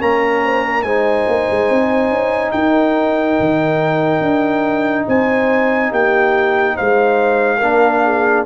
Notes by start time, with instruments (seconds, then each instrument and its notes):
0.00 tuba A#3, trombone C#4, horn A#4, trumpet A#5
0.44 horn C5
0.64 horn A#4
0.82 tuba G#3, trombone D#4, horn C5, trumpet G#5
1.28 tuba A#3
1.51 tuba G#3
1.70 tuba C4
2.09 tuba C#4
2.52 tuba D#4, horn A#4, trumpet G5
3.39 tuba D#3
4.21 tuba D4
5.07 tuba C4, horn C5, trumpet G#5
5.90 tuba A#3, horn G4, trumpet G5
6.75 tuba G#3, horn C5, trumpet F5
7.58 tuba A#3, trombone D4, horn A#4
8.03 horn G#4